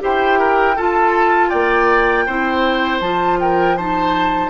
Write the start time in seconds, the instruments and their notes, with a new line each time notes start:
0.00 bassoon E4, clarinet G4, oboe C5, flute G5
0.39 oboe A#4
0.75 bassoon F4, clarinet F4, oboe A4, flute A5
1.49 bassoon A#3, oboe D5, flute G5
2.26 bassoon C4, clarinet E4, oboe C5
3.00 bassoon F3, clarinet F4, flute A5
3.40 oboe A#4, flute G5
3.77 clarinet D#4, oboe C5, flute A5